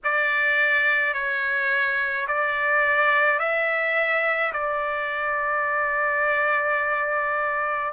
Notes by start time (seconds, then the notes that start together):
0.04 D5
1.13 C#5
2.27 D5
3.39 E5
4.53 D5